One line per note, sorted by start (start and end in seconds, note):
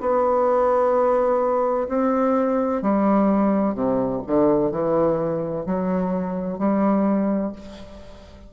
0.00 1.87 B3
1.88 2.82 C4
2.82 3.74 G3
3.74 4.21 C3
4.27 4.71 D3
4.71 5.65 E3
5.65 6.58 F#3
6.58 7.52 G3